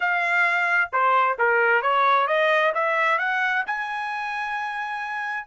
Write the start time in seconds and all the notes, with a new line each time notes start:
0.00 F5
0.92 C5
1.38 A#4
1.82 C#5
2.27 D#5
2.74 E5
3.18 F#5
3.66 G#5